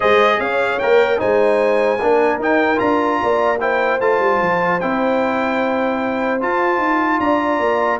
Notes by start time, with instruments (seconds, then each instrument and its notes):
0.00 tuba G#3, trombone G#4, horn C5, trumpet D#5
0.39 tuba C#4, horn C#5, trumpet F5
0.79 tuba A#3, trombone A#4, trumpet G5
1.18 tuba G#3, trombone D#4, horn C5, trumpet G#5
1.99 tuba A#3, trombone D4, horn A#4
2.38 tuba D#4, trombone D#4, trumpet G5
2.76 tuba D4, trombone F4, trumpet A#5
3.23 tuba A#3, horn D5
3.60 trombone E4, horn C5, trumpet G5
4.00 tuba A3, trombone F4, trumpet A5
4.19 tuba G3
4.40 tuba F3
4.80 tuba C4, trombone E4, trumpet G5
6.40 trombone F4, tuba F4, trumpet A5
6.78 tuba D#4
7.19 tuba D4, horn D5, trumpet A#5
7.59 tuba A#3